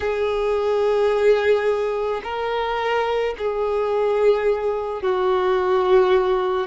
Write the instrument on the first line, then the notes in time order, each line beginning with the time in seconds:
violin
0.00 G#4
2.23 A#4
3.37 G#4
5.02 F#4